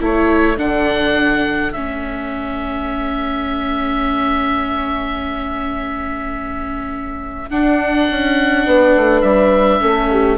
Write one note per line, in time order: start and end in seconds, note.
0.00 0.58 A3
0.00 0.57 E4
0.00 8.66 A4
0.00 0.59 C#5
0.57 1.74 D3
0.57 1.73 D4
0.57 1.72 F#5
1.72 7.50 A3
1.72 7.51 C#4
1.72 7.49 E5
7.50 8.08 D4
7.50 9.80 D4
7.50 9.22 F#5
8.10 8.66 C#4
8.66 8.95 B3
8.66 9.81 B4
8.96 9.23 A3
9.22 9.80 G3
9.22 10.37 E5
9.80 10.38 A3
9.80 10.38 C#4
9.80 10.10 A4
10.11 10.38 G4